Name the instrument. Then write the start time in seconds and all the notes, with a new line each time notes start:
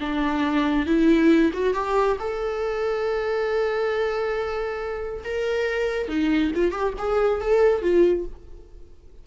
viola
0.00 D4
0.86 E4
1.53 F#4
1.74 G4
2.19 A4
5.24 A#4
6.08 D#4
6.55 F4
6.72 G4
6.98 G#4
7.41 A4
7.82 F4